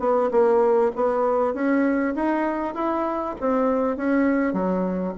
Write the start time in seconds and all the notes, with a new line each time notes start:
0.00 B3
0.31 A#3
0.96 B3
1.54 C#4
2.15 D#4
2.75 E4
3.40 C4
3.97 C#4
4.53 F#3